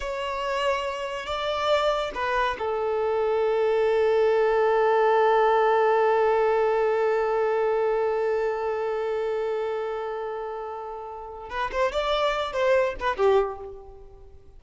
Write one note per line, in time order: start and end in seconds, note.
0.00 1.26 C#5
1.26 2.11 D5
2.14 2.56 B4
2.58 11.49 A4
11.49 11.70 B4
11.71 11.92 C5
11.92 12.52 D5
12.52 12.95 C5
12.99 13.16 B4
13.16 13.59 G4